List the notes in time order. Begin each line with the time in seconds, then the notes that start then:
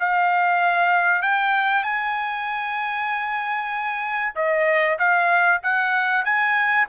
0.00 F5
1.22 G5
1.84 G#5
4.36 D#5
4.99 F5
5.63 F#5
6.25 G#5